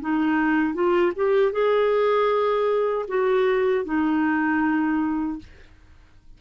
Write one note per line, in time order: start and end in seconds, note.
0.00 0.74 D#4
0.74 1.12 F4
1.15 1.52 G4
1.52 3.06 G#4
3.08 3.85 F#4
3.85 5.38 D#4